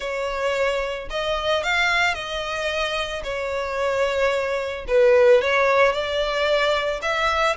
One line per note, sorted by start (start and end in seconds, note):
0.00 1.08 C#5
1.10 1.63 D#5
1.63 2.14 F5
2.14 3.22 D#5
3.23 4.85 C#5
4.87 5.41 B4
5.41 5.92 C#5
5.92 7.00 D5
7.02 7.56 E5